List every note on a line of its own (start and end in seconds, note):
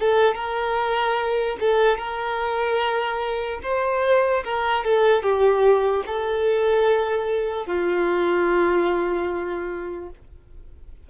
0.00 0.35 A4
0.35 1.57 A#4
1.60 1.98 A4
1.98 3.60 A#4
3.63 4.44 C5
4.44 4.85 A#4
4.85 5.23 A4
5.23 6.04 G4
6.07 7.67 A4
7.67 10.10 F4